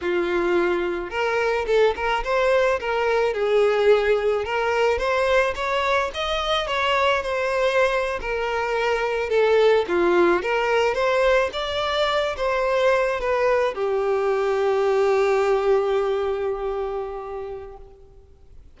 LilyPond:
\new Staff \with { instrumentName = "violin" } { \time 4/4 \tempo 4 = 108 f'2 ais'4 a'8 ais'8 | c''4 ais'4 gis'2 | ais'4 c''4 cis''4 dis''4 | cis''4 c''4.~ c''16 ais'4~ ais'16~ |
ais'8. a'4 f'4 ais'4 c''16~ | c''8. d''4. c''4. b'16~ | b'8. g'2.~ g'16~ | g'1 | }